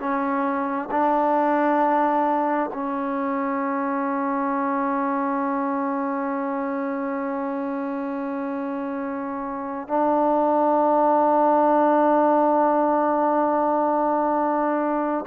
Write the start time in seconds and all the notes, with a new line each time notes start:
0.00 C#4
0.92 D4
2.74 C#4
9.88 D4